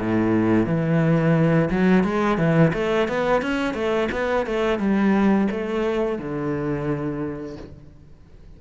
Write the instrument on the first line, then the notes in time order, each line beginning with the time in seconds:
cello
0.00 A2
0.66 E3
1.71 F#3
2.04 G#3
2.38 E3
2.74 A3
3.08 B3
3.42 C#4
3.75 A3
4.12 B3
4.47 A3
4.79 G3
5.51 A3
6.19 D3